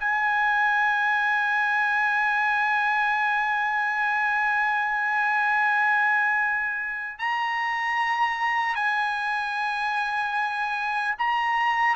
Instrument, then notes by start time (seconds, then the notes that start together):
trumpet
0.00 G#5
7.19 A#5
8.75 G#5
11.19 A#5